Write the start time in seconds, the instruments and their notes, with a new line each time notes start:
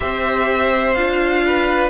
0.00 cello C4, viola G4, violin C5 E5
0.93 cello D4, viola F4, violin F5
1.46 violin B4